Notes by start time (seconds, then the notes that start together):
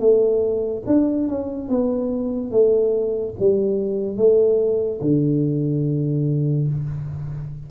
0.00 A3
0.86 D4
1.28 C#4
1.69 B3
2.51 A3
3.39 G3
4.17 A3
5.01 D3